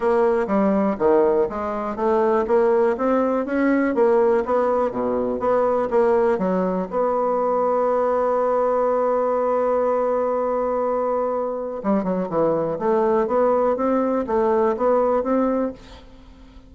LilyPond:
\new Staff \with { instrumentName = "bassoon" } { \time 4/4 \tempo 4 = 122 ais4 g4 dis4 gis4 | a4 ais4 c'4 cis'4 | ais4 b4 b,4 b4 | ais4 fis4 b2~ |
b1~ | b1 | g8 fis8 e4 a4 b4 | c'4 a4 b4 c'4 | }